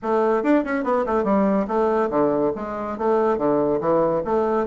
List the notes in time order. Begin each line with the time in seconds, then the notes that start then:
0.02 A3
0.43 D4
0.64 C#4
0.84 B3
1.06 A3
1.24 G3
1.67 A3
2.09 D3
2.55 G#3
2.98 A3
3.37 D3
3.80 E3
4.25 A3